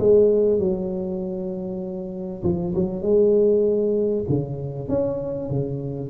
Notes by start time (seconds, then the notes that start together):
0.00 G#3
0.60 F#3
2.44 F3
2.75 F#3
3.03 G#3
4.29 C#3
4.89 C#4
5.50 C#3